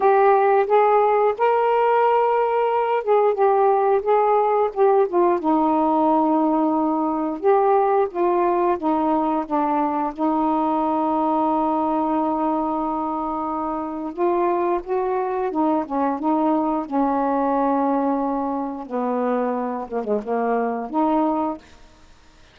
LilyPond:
\new Staff \with { instrumentName = "saxophone" } { \time 4/4 \tempo 4 = 89 g'4 gis'4 ais'2~ | ais'8 gis'8 g'4 gis'4 g'8 f'8 | dis'2. g'4 | f'4 dis'4 d'4 dis'4~ |
dis'1~ | dis'4 f'4 fis'4 dis'8 cis'8 | dis'4 cis'2. | b4. ais16 gis16 ais4 dis'4 | }